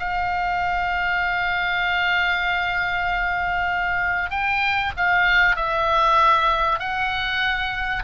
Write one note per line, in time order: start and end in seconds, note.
0.00 4.30 F5
4.30 4.92 G5
4.97 5.56 F5
5.56 6.80 E5
6.80 8.03 F#5